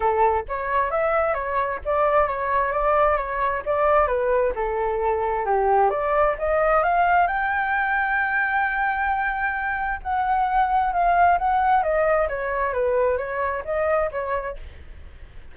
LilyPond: \new Staff \with { instrumentName = "flute" } { \time 4/4 \tempo 4 = 132 a'4 cis''4 e''4 cis''4 | d''4 cis''4 d''4 cis''4 | d''4 b'4 a'2 | g'4 d''4 dis''4 f''4 |
g''1~ | g''2 fis''2 | f''4 fis''4 dis''4 cis''4 | b'4 cis''4 dis''4 cis''4 | }